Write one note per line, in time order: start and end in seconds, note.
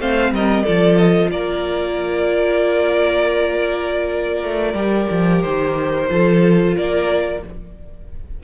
0.00 0.31 A3
0.00 0.66 C4
0.00 0.34 C5
0.00 0.34 F5
0.31 0.64 G3
0.31 0.63 A#4
0.31 0.65 D#5
0.63 1.32 F3
0.63 4.75 F4
0.63 1.29 A4
0.63 0.97 D5
0.97 1.30 D#5
1.31 4.43 A#3
1.31 6.11 A#4
1.31 5.42 D5
4.43 4.74 A3
4.74 5.07 G3
4.74 6.06 G4
5.11 5.44 F3
5.42 6.10 D#3
5.42 6.74 C5
6.08 6.76 F3
6.08 7.40 F4
6.08 6.76 A4
6.76 7.43 A#3
6.76 7.42 A#4
6.76 7.43 D5